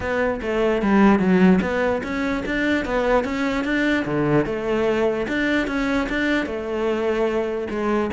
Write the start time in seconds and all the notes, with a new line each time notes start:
0.00 B3
0.41 A3
0.81 G3
1.19 F#3
1.61 B3
2.03 C#4
2.45 D4
2.85 B3
3.24 C#4
3.64 D4
4.05 D3
4.45 A3
5.28 D4
5.67 C#4
6.09 D4
6.46 A3
7.70 G#3